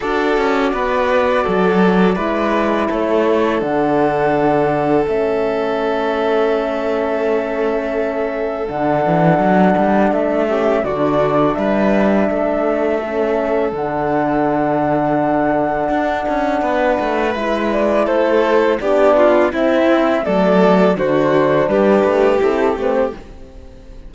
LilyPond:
<<
  \new Staff \with { instrumentName = "flute" } { \time 4/4 \tempo 4 = 83 d''1 | cis''4 fis''2 e''4~ | e''1 | fis''2 e''4 d''4 |
e''2. fis''4~ | fis''1 | e''8 d''8 c''4 d''4 e''4 | d''4 c''4 b'4 a'8 b'16 c''16 | }
  \new Staff \with { instrumentName = "violin" } { \time 4/4 a'4 b'4 a'4 b'4 | a'1~ | a'1~ | a'2~ a'8 g'8 fis'4 |
b'4 a'2.~ | a'2. b'4~ | b'4 a'4 g'8 f'8 e'4 | a'4 fis'4 g'2 | }
  \new Staff \with { instrumentName = "horn" } { \time 4/4 fis'2. e'4~ | e'4 d'2 cis'4~ | cis'1 | d'2~ d'8 cis'8 d'4~ |
d'2 cis'4 d'4~ | d'1 | e'2 d'4 c'4 | a4 d'2 e'8 c'8 | }
  \new Staff \with { instrumentName = "cello" } { \time 4/4 d'8 cis'8 b4 fis4 gis4 | a4 d2 a4~ | a1 | d8 e8 fis8 g8 a4 d4 |
g4 a2 d4~ | d2 d'8 cis'8 b8 a8 | gis4 a4 b4 c'4 | fis4 d4 g8 a8 c'8 a8 | }
>>